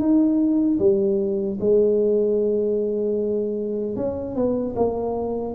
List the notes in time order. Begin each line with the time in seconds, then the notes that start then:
0.00 D#4
0.79 G3
1.60 G#3
3.97 C#4
4.36 B3
4.76 A#3